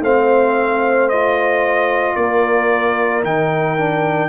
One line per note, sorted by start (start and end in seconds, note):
0.00 2.14 A3
0.00 1.12 C4
0.00 2.16 C5
0.00 1.09 F5
1.09 3.24 F4
1.09 2.16 D#5
2.16 3.23 A#3
2.16 4.29 A#4
2.16 3.23 D5
3.23 4.29 D#3
3.23 3.77 D#4
3.23 4.29 G5
3.77 4.29 D4